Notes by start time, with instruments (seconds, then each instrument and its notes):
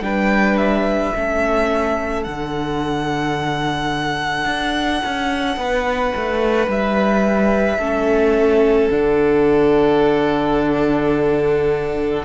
0.00 cello G3, viola D4, violin B4 G5
0.57 violin E5
1.15 cello A3, viola C#4, violin A4
2.23 cello D3, viola D4, violin F#5
4.45 cello D4
5.05 cello C#4
5.56 cello B3, violin B4
6.15 cello A3
6.67 cello G3, violin E5
7.78 cello A3, viola C#4, violin A4
8.91 cello D3, viola D4, violin F#5